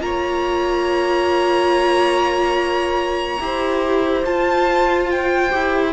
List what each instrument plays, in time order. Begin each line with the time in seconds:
0.00 cello A#3, viola F4, violin C#5 A#5
3.39 cello E4, viola G4, violin C5
4.25 viola F4, cello F4, violin A5
5.10 violin G5
5.49 cello E4, viola G4